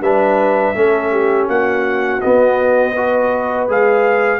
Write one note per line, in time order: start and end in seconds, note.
0.00 0.73 G3
0.00 0.75 D4
0.00 0.75 B4
0.00 1.49 E5
0.75 1.48 A3
0.75 2.21 C#4
0.75 1.12 A4
1.12 1.48 G4
1.48 2.21 A#3
1.48 2.94 F#4
1.48 2.21 F#5
2.21 2.96 B3
2.21 3.69 B3
2.21 3.67 D#5
2.95 3.68 F#4
2.95 4.40 B4
3.68 4.40 G#3
3.68 4.40 G#4
3.68 4.40 F5